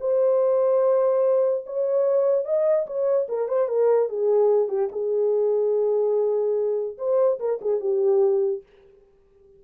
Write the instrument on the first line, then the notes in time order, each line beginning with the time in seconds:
horn
0.00 C5
1.66 C#5
2.45 D#5
2.86 C#5
3.28 A#4
3.48 C5
3.68 A#4
4.09 G#4
4.68 G4
4.91 G#4
6.98 C5
7.39 A#4
7.61 G#4
7.80 G4